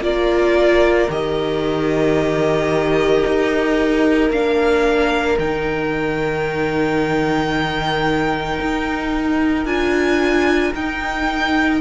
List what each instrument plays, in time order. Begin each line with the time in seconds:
0.00 cello A#3, viola F4, violin A#4 D5
1.09 cello D#3, viola G4, violin D#5
3.26 cello D#4
4.30 cello A#3, viola D4, violin F5
5.38 cello D#3, viola D#4, violin G5
8.60 cello D#4
9.65 cello D4, viola F4, violin G#5
10.74 cello D#4, viola D#4, violin G5